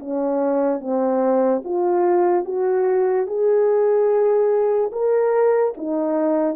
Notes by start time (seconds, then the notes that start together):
0.00 C#4
0.81 C4
1.65 F4
2.45 F#4
3.27 G#4
4.92 A#4
5.78 D#4